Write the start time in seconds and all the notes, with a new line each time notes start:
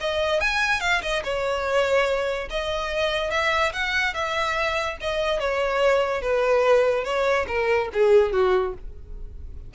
0.00 D#5
0.40 G#5
0.80 F5
1.02 D#5
1.24 C#5
2.50 D#5
3.31 E5
3.73 F#5
4.14 E5
5.00 D#5
5.39 C#5
6.21 B4
7.04 C#5
7.48 A#4
7.93 G#4
8.32 F#4